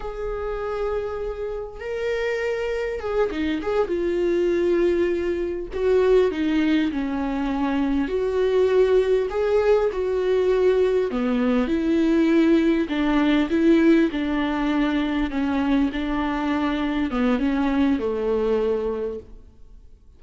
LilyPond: \new Staff \with { instrumentName = "viola" } { \time 4/4 \tempo 4 = 100 gis'2. ais'4~ | ais'4 gis'8 dis'8 gis'8 f'4.~ | f'4. fis'4 dis'4 cis'8~ | cis'4. fis'2 gis'8~ |
gis'8 fis'2 b4 e'8~ | e'4. d'4 e'4 d'8~ | d'4. cis'4 d'4.~ | d'8 b8 cis'4 a2 | }